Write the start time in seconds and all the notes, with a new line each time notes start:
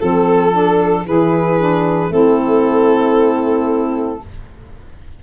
0.00 F3 C4 A4
0.52 D4
1.06 E3 E4 G#4 B4
1.59 D4
2.10 A3 C4 E4 A4